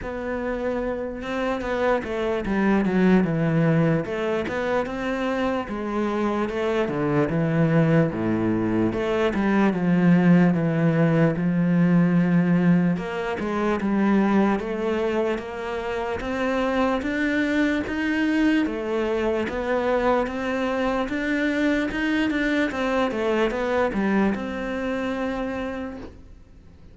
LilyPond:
\new Staff \with { instrumentName = "cello" } { \time 4/4 \tempo 4 = 74 b4. c'8 b8 a8 g8 fis8 | e4 a8 b8 c'4 gis4 | a8 d8 e4 a,4 a8 g8 | f4 e4 f2 |
ais8 gis8 g4 a4 ais4 | c'4 d'4 dis'4 a4 | b4 c'4 d'4 dis'8 d'8 | c'8 a8 b8 g8 c'2 | }